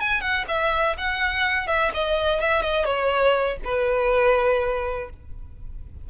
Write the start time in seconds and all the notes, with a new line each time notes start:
0.00 G#5
0.20 F#5
0.48 E5
0.97 F#5
1.67 E5
1.94 D#5
2.40 E5
2.62 D#5
2.85 C#5
3.64 B4